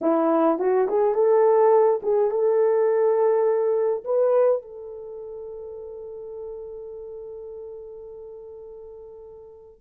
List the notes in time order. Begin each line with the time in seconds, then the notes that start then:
0.01 E4
0.58 F#4
0.88 G#4
1.14 A4
2.02 G#4
2.30 A4
4.04 B4
4.62 A4